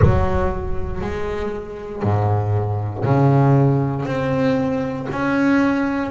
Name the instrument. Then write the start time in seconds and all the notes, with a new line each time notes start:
double bass
0.01 F#3
1.01 G#3
2.02 G#2
3.04 C#3
4.05 C4
5.11 C#4